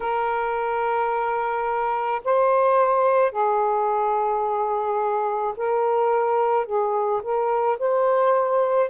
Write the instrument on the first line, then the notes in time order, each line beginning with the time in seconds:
saxophone
0.00 A#4
2.24 C5
3.31 G#4
5.57 A#4
6.66 G#4
7.22 A#4
7.78 C5